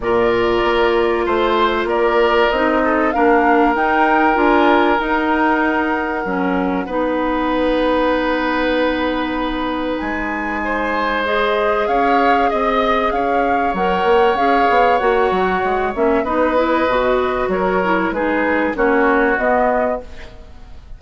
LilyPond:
<<
  \new Staff \with { instrumentName = "flute" } { \time 4/4 \tempo 4 = 96 d''2 c''4 d''4 | dis''4 f''4 g''4 gis''4 | fis''1~ | fis''1 |
gis''2 dis''4 f''4 | dis''4 f''4 fis''4 f''4 | fis''4. e''8 dis''2 | cis''4 b'4 cis''4 dis''4 | }
  \new Staff \with { instrumentName = "oboe" } { \time 4/4 ais'2 c''4 ais'4~ | ais'8 a'8 ais'2.~ | ais'2. b'4~ | b'1~ |
b'4 c''2 cis''4 | dis''4 cis''2.~ | cis''2 b'2 | ais'4 gis'4 fis'2 | }
  \new Staff \with { instrumentName = "clarinet" } { \time 4/4 f'1 | dis'4 d'4 dis'4 f'4 | dis'2 cis'4 dis'4~ | dis'1~ |
dis'2 gis'2~ | gis'2 ais'4 gis'4 | fis'4. cis'8 dis'8 e'8 fis'4~ | fis'8 e'8 dis'4 cis'4 b4 | }
  \new Staff \with { instrumentName = "bassoon" } { \time 4/4 ais,4 ais4 a4 ais4 | c'4 ais4 dis'4 d'4 | dis'2 fis4 b4~ | b1 |
gis2. cis'4 | c'4 cis'4 fis8 ais8 cis'8 b8 | ais8 fis8 gis8 ais8 b4 b,4 | fis4 gis4 ais4 b4 | }
>>